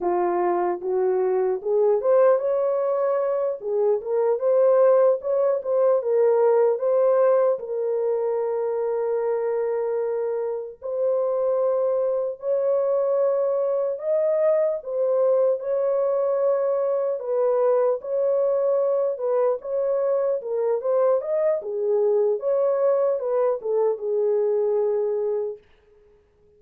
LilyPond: \new Staff \with { instrumentName = "horn" } { \time 4/4 \tempo 4 = 75 f'4 fis'4 gis'8 c''8 cis''4~ | cis''8 gis'8 ais'8 c''4 cis''8 c''8 ais'8~ | ais'8 c''4 ais'2~ ais'8~ | ais'4. c''2 cis''8~ |
cis''4. dis''4 c''4 cis''8~ | cis''4. b'4 cis''4. | b'8 cis''4 ais'8 c''8 dis''8 gis'4 | cis''4 b'8 a'8 gis'2 | }